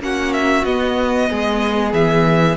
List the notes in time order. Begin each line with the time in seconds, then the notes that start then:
0.00 A#3 C#4 F#4 F#5
0.33 E5
0.64 B3 D#5
1.30 G#3 G#4
1.93 E3 E5